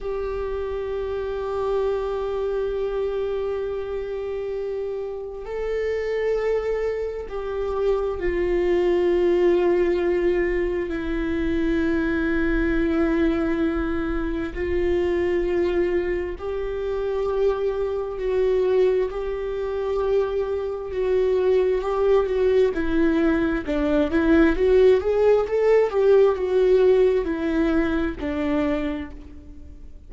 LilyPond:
\new Staff \with { instrumentName = "viola" } { \time 4/4 \tempo 4 = 66 g'1~ | g'2 a'2 | g'4 f'2. | e'1 |
f'2 g'2 | fis'4 g'2 fis'4 | g'8 fis'8 e'4 d'8 e'8 fis'8 gis'8 | a'8 g'8 fis'4 e'4 d'4 | }